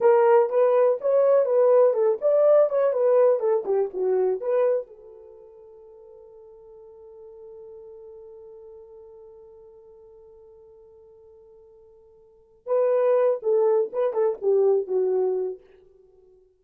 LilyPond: \new Staff \with { instrumentName = "horn" } { \time 4/4 \tempo 4 = 123 ais'4 b'4 cis''4 b'4 | a'8 d''4 cis''8 b'4 a'8 g'8 | fis'4 b'4 a'2~ | a'1~ |
a'1~ | a'1~ | a'2 b'4. a'8~ | a'8 b'8 a'8 g'4 fis'4. | }